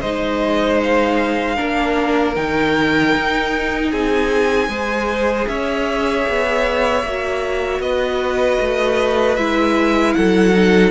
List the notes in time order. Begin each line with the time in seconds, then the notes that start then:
0.00 G#3 D#4 C5 D#5
0.83 F5
1.56 A#3 D4 A#4
2.35 D#3 D#4 G5
3.15 D#4
3.91 C4 G#4 G#5
4.68 G#3 G#4 C5
5.47 C#4 C#5 E5
6.29 B3
7.04 A#3 F#4
7.79 B3 B4 D#5
8.60 A3
9.36 G#3 E4 E5
10.14 F#3 A4 F#5
10.54 D#4